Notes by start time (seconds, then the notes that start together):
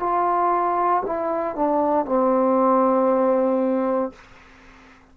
0.00 F4
1.06 E4
1.56 D4
2.06 C4